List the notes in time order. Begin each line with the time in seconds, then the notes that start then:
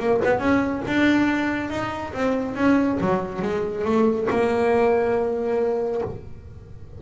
0.00 A#3
0.25 B3
0.39 C#4
0.88 D4
1.70 D#4
2.14 C4
2.56 C#4
3.01 F#3
3.42 G#3
3.85 A3
4.31 A#3